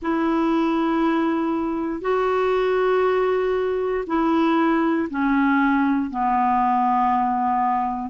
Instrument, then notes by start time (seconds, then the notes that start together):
clarinet
0.02 E4
2.01 F#4
4.06 E4
5.10 C#4
6.10 B3